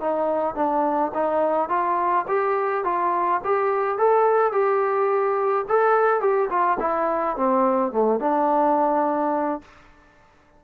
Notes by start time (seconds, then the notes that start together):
0.00 D#4
0.55 D4
1.14 D#4
1.69 F4
2.28 G4
2.84 F4
3.44 G4
3.98 A4
4.52 G4
5.68 A4
6.20 G4
6.49 F4
6.80 E4
7.36 C4
7.92 A3
8.19 D4